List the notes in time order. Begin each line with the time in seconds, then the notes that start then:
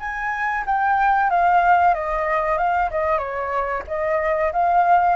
0.00 G#5
0.67 G5
1.30 F5
1.94 D#5
2.58 F5
2.91 D#5
3.18 C#5
3.88 D#5
4.53 F5